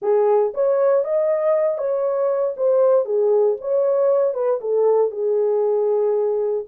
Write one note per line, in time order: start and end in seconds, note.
0.01 0.53 G#4
0.54 1.04 C#5
1.04 1.78 D#5
1.78 2.55 C#5
2.56 3.05 C5
3.05 3.56 G#4
3.60 4.34 C#5
4.34 4.59 B4
4.61 5.11 A4
5.11 6.65 G#4